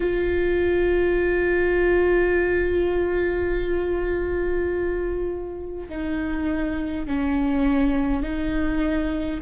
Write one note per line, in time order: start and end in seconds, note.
0.00 5.88 F4
5.89 7.06 D#4
7.06 8.22 C#4
8.22 9.40 D#4